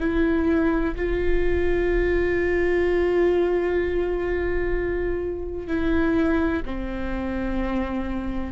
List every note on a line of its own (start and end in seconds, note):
0.00 0.95 E4
0.96 5.67 F4
5.67 6.62 E4
6.65 8.52 C4